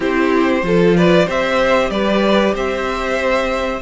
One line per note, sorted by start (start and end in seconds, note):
0.00 0.62 C4
0.00 0.62 E4
0.00 0.63 G4
0.00 0.96 C5
0.62 1.26 F3
0.62 1.26 F4
0.62 0.96 A4
0.96 1.25 B4
0.96 1.28 D5
1.25 1.90 C4
1.25 3.81 G4
1.25 1.89 C5
1.25 1.90 E5
1.90 2.53 G3
1.90 2.54 B4
1.90 2.54 D5
2.54 3.81 C4
2.54 3.81 C5
2.54 3.81 E5